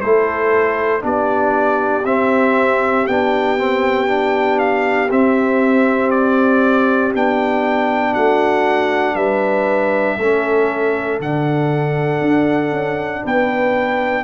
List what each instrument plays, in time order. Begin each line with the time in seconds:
0.00 tuba A3, trombone E4, horn A4, trumpet C5
1.00 tuba B3, trombone D4, horn G4, trumpet D5
2.05 tuba C4, trombone C4, trumpet E5
3.07 tuba B3, trombone D4, trumpet G5
3.57 trombone C4
4.07 trombone D4
4.58 trumpet F5
5.10 trombone C4, tuba C4, trumpet E5
6.10 trumpet D5
7.14 tuba B3, trombone D4, trumpet G5
8.12 tuba A3, horn F#4, trumpet F#5
9.15 tuba G3, horn B4, trumpet E5
10.17 tuba A3, trombone C#4, horn A4
11.19 tuba D3, trombone D4, trumpet F#5
12.20 tuba D4
12.71 tuba C#4
13.24 tuba B3, horn B4, trumpet G5